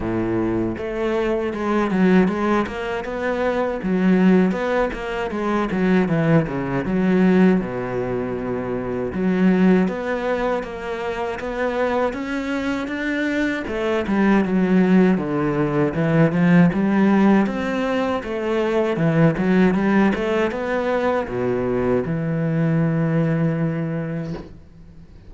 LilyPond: \new Staff \with { instrumentName = "cello" } { \time 4/4 \tempo 4 = 79 a,4 a4 gis8 fis8 gis8 ais8 | b4 fis4 b8 ais8 gis8 fis8 | e8 cis8 fis4 b,2 | fis4 b4 ais4 b4 |
cis'4 d'4 a8 g8 fis4 | d4 e8 f8 g4 c'4 | a4 e8 fis8 g8 a8 b4 | b,4 e2. | }